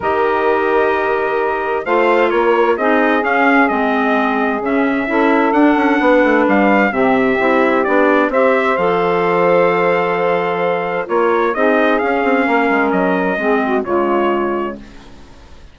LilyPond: <<
  \new Staff \with { instrumentName = "trumpet" } { \time 4/4 \tempo 4 = 130 dis''1 | f''4 cis''4 dis''4 f''4 | dis''2 e''2 | fis''2 f''4 e''4~ |
e''4 d''4 e''4 f''4~ | f''1 | cis''4 dis''4 f''2 | dis''2 cis''2 | }
  \new Staff \with { instrumentName = "saxophone" } { \time 4/4 ais'1 | c''4 ais'4 gis'2~ | gis'2. a'4~ | a'4 b'2 g'4~ |
g'2 c''2~ | c''1 | ais'4 gis'2 ais'4~ | ais'4 gis'8 fis'8 f'2 | }
  \new Staff \with { instrumentName = "clarinet" } { \time 4/4 g'1 | f'2 dis'4 cis'4 | c'2 cis'4 e'4 | d'2. c'4 |
e'4 d'4 g'4 a'4~ | a'1 | f'4 dis'4 cis'2~ | cis'4 c'4 gis2 | }
  \new Staff \with { instrumentName = "bassoon" } { \time 4/4 dis1 | a4 ais4 c'4 cis'4 | gis2 cis4 cis'4 | d'8 cis'8 b8 a8 g4 c4 |
c'4 b4 c'4 f4~ | f1 | ais4 c'4 cis'8 c'8 ais8 gis8 | fis4 gis4 cis2 | }
>>